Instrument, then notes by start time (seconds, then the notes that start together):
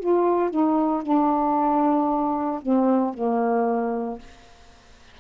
saxophone
0.00 F4
0.51 D#4
1.03 D4
2.62 C4
3.14 A#3